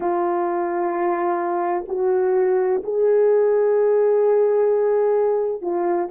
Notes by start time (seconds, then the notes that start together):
0.00 F4
1.87 F#4
2.83 G#4
5.61 F4